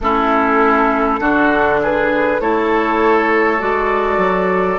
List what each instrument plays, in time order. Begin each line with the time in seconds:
0.00 bassoon A3, clarinet C#4, oboe E4, flute A4
1.20 bassoon D3, clarinet D4, oboe F#4
1.82 oboe G#4, flute B4
2.40 bassoon A3, clarinet E4, oboe A4, flute C#5
3.58 bassoon G#3, clarinet F#4, flute D5
4.17 bassoon F#3